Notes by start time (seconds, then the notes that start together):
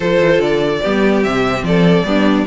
0.00 F3 F4 A4 C5
0.19 E3
0.38 D3 D5
0.83 G3 B3 G4
1.23 C3 C4 E5
1.62 F3 A4 D5
2.04 G3 B3 D4